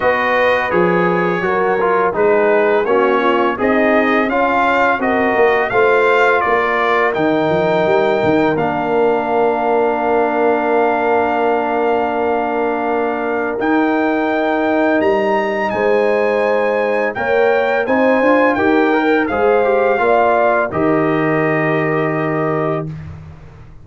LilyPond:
<<
  \new Staff \with { instrumentName = "trumpet" } { \time 4/4 \tempo 4 = 84 dis''4 cis''2 b'4 | cis''4 dis''4 f''4 dis''4 | f''4 d''4 g''2 | f''1~ |
f''2. g''4~ | g''4 ais''4 gis''2 | g''4 gis''4 g''4 f''4~ | f''4 dis''2. | }
  \new Staff \with { instrumentName = "horn" } { \time 4/4 b'2 ais'4 gis'4 | fis'8 f'8 dis'4 cis'4 ais'4 | c''4 ais'2.~ | ais'1~ |
ais'1~ | ais'2 c''2 | cis''4 c''4 ais'4 c''4 | d''4 ais'2. | }
  \new Staff \with { instrumentName = "trombone" } { \time 4/4 fis'4 gis'4 fis'8 f'8 dis'4 | cis'4 gis'4 f'4 fis'4 | f'2 dis'2 | d'1~ |
d'2. dis'4~ | dis'1 | ais'4 dis'8 f'8 g'8 ais'8 gis'8 g'8 | f'4 g'2. | }
  \new Staff \with { instrumentName = "tuba" } { \time 4/4 b4 f4 fis4 gis4 | ais4 c'4 cis'4 c'8 ais8 | a4 ais4 dis8 f8 g8 dis8 | ais1~ |
ais2. dis'4~ | dis'4 g4 gis2 | ais4 c'8 d'8 dis'4 gis4 | ais4 dis2. | }
>>